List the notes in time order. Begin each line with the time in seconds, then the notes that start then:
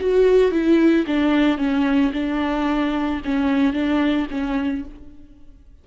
0.00 F#4
0.51 E4
1.07 D4
1.58 C#4
2.13 D4
3.24 C#4
3.73 D4
4.30 C#4